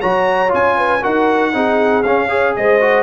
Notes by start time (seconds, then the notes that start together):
0.00 F#3 F#4 C#5 A#5
0.48 C#4 F4
0.54 G#5
0.77 B4
1.02 D#4 F#4 A#4 F#5
1.53 C4 D#4 G#4
2.03 C#4 F5
2.27 G#4 C#5
2.56 G#3 C5 D#5
2.80 F#4